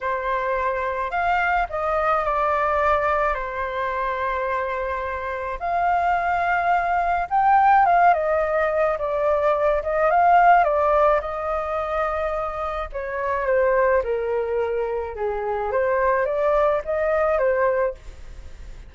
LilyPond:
\new Staff \with { instrumentName = "flute" } { \time 4/4 \tempo 4 = 107 c''2 f''4 dis''4 | d''2 c''2~ | c''2 f''2~ | f''4 g''4 f''8 dis''4. |
d''4. dis''8 f''4 d''4 | dis''2. cis''4 | c''4 ais'2 gis'4 | c''4 d''4 dis''4 c''4 | }